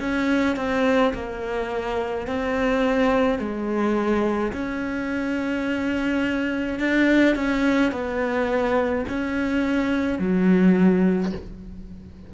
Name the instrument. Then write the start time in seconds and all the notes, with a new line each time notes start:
cello
0.00 C#4
0.57 C4
1.14 A#3
2.27 C4
3.39 G#3
4.53 C#4
6.79 D4
7.36 C#4
7.92 B3
9.09 C#4
10.19 F#3